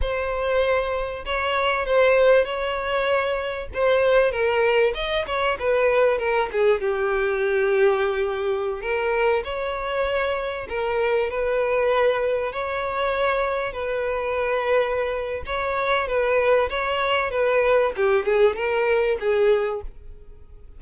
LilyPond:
\new Staff \with { instrumentName = "violin" } { \time 4/4 \tempo 4 = 97 c''2 cis''4 c''4 | cis''2 c''4 ais'4 | dis''8 cis''8 b'4 ais'8 gis'8 g'4~ | g'2~ g'16 ais'4 cis''8.~ |
cis''4~ cis''16 ais'4 b'4.~ b'16~ | b'16 cis''2 b'4.~ b'16~ | b'4 cis''4 b'4 cis''4 | b'4 g'8 gis'8 ais'4 gis'4 | }